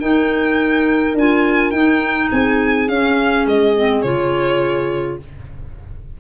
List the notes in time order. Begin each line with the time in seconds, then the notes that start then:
0.00 D#4 A#4 G5
1.15 D4 F4 G#5
1.71 D#4 G5
2.32 C4 G#4 G#5
2.89 C#4 F5
3.47 G#3 D#5
3.76 C4
4.02 C#3 F4 C#5